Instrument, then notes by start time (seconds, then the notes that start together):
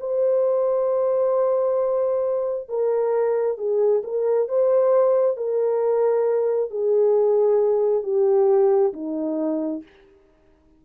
horn
0.00 C5
2.69 A#4
3.57 G#4
4.03 A#4
4.48 C5
5.36 A#4
6.70 G#4
8.03 G4
8.93 D#4